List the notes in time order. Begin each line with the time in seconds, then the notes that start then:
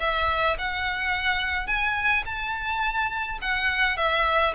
0.00 E5
0.58 F#5
1.67 G#5
2.25 A5
3.42 F#5
3.97 E5